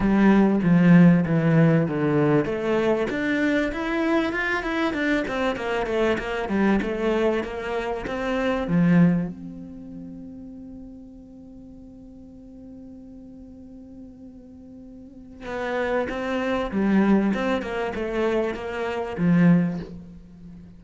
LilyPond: \new Staff \with { instrumentName = "cello" } { \time 4/4 \tempo 4 = 97 g4 f4 e4 d4 | a4 d'4 e'4 f'8 e'8 | d'8 c'8 ais8 a8 ais8 g8 a4 | ais4 c'4 f4 c'4~ |
c'1~ | c'1~ | c'4 b4 c'4 g4 | c'8 ais8 a4 ais4 f4 | }